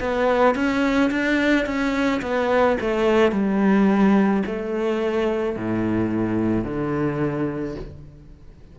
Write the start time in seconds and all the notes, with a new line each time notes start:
0.00 B3
0.55 C#4
1.11 D4
1.66 C#4
2.22 B3
2.81 A3
3.32 G3
4.46 A3
5.57 A2
6.65 D3